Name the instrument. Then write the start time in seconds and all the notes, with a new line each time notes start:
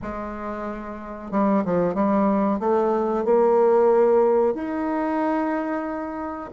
bassoon
0.01 G#3
1.31 G3
1.65 F3
1.94 G3
2.59 A3
3.24 A#3
4.54 D#4